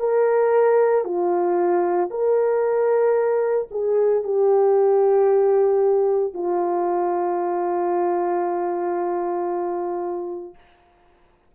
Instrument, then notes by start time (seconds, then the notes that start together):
horn
0.00 A#4
1.05 F4
2.11 A#4
3.71 G#4
4.24 G4
6.34 F4